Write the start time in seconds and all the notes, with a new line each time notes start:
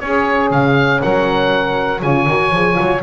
0.00 C#4 G#4 C#5
0.51 C#3 F5
1.01 F#3 A#4 F#5
2.02 C#3 F4 C#5 G#5
2.27 D#3 F#4
2.52 F3 G#4
2.75 F#3 F4